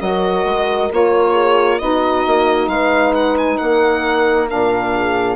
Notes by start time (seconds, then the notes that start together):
0.00 F#3 F#4 A#4 D#5
0.45 G#3
0.91 A#3 F4 C#5
1.33 G#4
1.79 B3 D#4 F#4 D#5
2.27 A#3
2.68 G#3 B4 F5
3.15 F#5
3.38 G#5
3.58 A#3 A#4 F#5
4.48 A#2 D4 F5
4.94 G#4